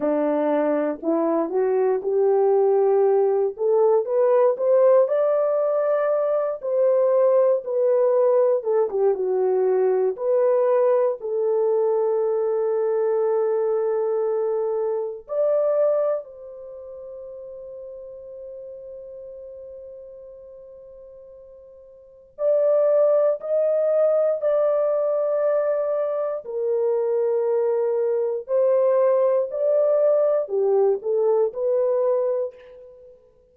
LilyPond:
\new Staff \with { instrumentName = "horn" } { \time 4/4 \tempo 4 = 59 d'4 e'8 fis'8 g'4. a'8 | b'8 c''8 d''4. c''4 b'8~ | b'8 a'16 g'16 fis'4 b'4 a'4~ | a'2. d''4 |
c''1~ | c''2 d''4 dis''4 | d''2 ais'2 | c''4 d''4 g'8 a'8 b'4 | }